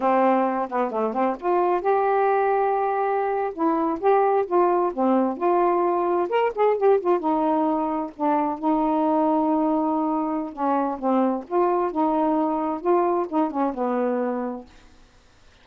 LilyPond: \new Staff \with { instrumentName = "saxophone" } { \time 4/4 \tempo 4 = 131 c'4. b8 a8 c'8 f'4 | g'2.~ g'8. e'16~ | e'8. g'4 f'4 c'4 f'16~ | f'4.~ f'16 ais'8 gis'8 g'8 f'8 dis'16~ |
dis'4.~ dis'16 d'4 dis'4~ dis'16~ | dis'2. cis'4 | c'4 f'4 dis'2 | f'4 dis'8 cis'8 b2 | }